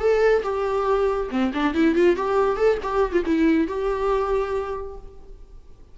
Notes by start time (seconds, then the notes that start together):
0.00 A4
0.44 G4
1.31 C4
1.54 D4
1.75 E4
1.96 F4
2.17 G4
2.57 A4
2.83 G4
3.13 F4
3.26 E4
3.68 G4